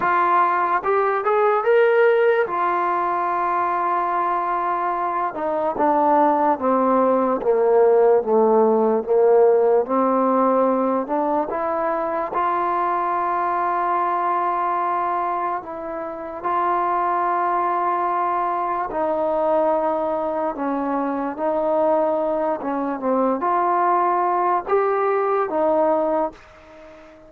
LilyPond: \new Staff \with { instrumentName = "trombone" } { \time 4/4 \tempo 4 = 73 f'4 g'8 gis'8 ais'4 f'4~ | f'2~ f'8 dis'8 d'4 | c'4 ais4 a4 ais4 | c'4. d'8 e'4 f'4~ |
f'2. e'4 | f'2. dis'4~ | dis'4 cis'4 dis'4. cis'8 | c'8 f'4. g'4 dis'4 | }